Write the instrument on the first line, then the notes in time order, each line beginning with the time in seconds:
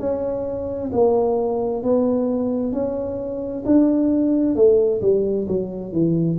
tuba
0.00 C#4
0.93 A#3
1.83 B3
2.73 C#4
3.66 D4
4.56 A3
5.02 G3
5.48 F#3
5.93 E3